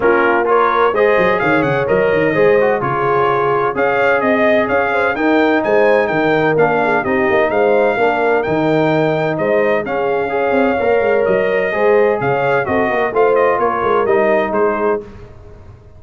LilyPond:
<<
  \new Staff \with { instrumentName = "trumpet" } { \time 4/4 \tempo 4 = 128 ais'4 cis''4 dis''4 f''8 fis''8 | dis''2 cis''2 | f''4 dis''4 f''4 g''4 | gis''4 g''4 f''4 dis''4 |
f''2 g''2 | dis''4 f''2. | dis''2 f''4 dis''4 | f''8 dis''8 cis''4 dis''4 c''4 | }
  \new Staff \with { instrumentName = "horn" } { \time 4/4 f'4 ais'4 c''4 cis''4~ | cis''4 c''4 gis'2 | cis''4 dis''4 cis''8 c''8 ais'4 | c''4 ais'4. gis'8 g'4 |
c''4 ais'2. | c''4 gis'4 cis''2~ | cis''4 c''4 cis''4 a'8 ais'8 | c''4 ais'2 gis'4 | }
  \new Staff \with { instrumentName = "trombone" } { \time 4/4 cis'4 f'4 gis'2 | ais'4 gis'8 fis'8 f'2 | gis'2. dis'4~ | dis'2 d'4 dis'4~ |
dis'4 d'4 dis'2~ | dis'4 cis'4 gis'4 ais'4~ | ais'4 gis'2 fis'4 | f'2 dis'2 | }
  \new Staff \with { instrumentName = "tuba" } { \time 4/4 ais2 gis8 fis8 dis8 cis8 | fis8 dis8 gis4 cis2 | cis'4 c'4 cis'4 dis'4 | gis4 dis4 ais4 c'8 ais8 |
gis4 ais4 dis2 | gis4 cis'4. c'8 ais8 gis8 | fis4 gis4 cis4 c'8 ais8 | a4 ais8 gis8 g4 gis4 | }
>>